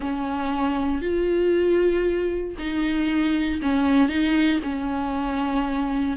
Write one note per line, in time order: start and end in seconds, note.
0.00 1.01 C#4
1.01 2.55 F4
2.58 3.61 D#4
3.62 4.08 C#4
4.08 4.60 D#4
4.63 6.17 C#4